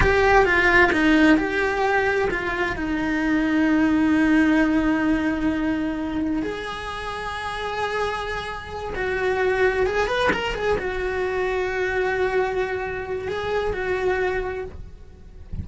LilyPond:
\new Staff \with { instrumentName = "cello" } { \time 4/4 \tempo 4 = 131 g'4 f'4 dis'4 g'4~ | g'4 f'4 dis'2~ | dis'1~ | dis'2 gis'2~ |
gis'2.~ gis'8 fis'8~ | fis'4. gis'8 b'8 ais'8 gis'8 fis'8~ | fis'1~ | fis'4 gis'4 fis'2 | }